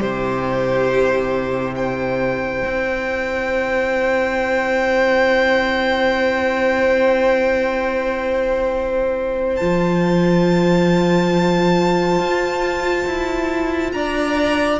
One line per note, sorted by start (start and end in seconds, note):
0.00 2.62 C3
0.00 9.57 E4
0.00 1.74 G4
0.00 1.74 C5
1.75 13.94 C5
1.75 9.56 G5
2.65 9.61 C4
9.56 12.19 F3
9.56 14.80 F4
9.56 13.90 A5
12.19 13.06 F4
13.06 13.93 E4
13.92 14.80 D4
13.92 14.80 D5
13.92 14.79 A#5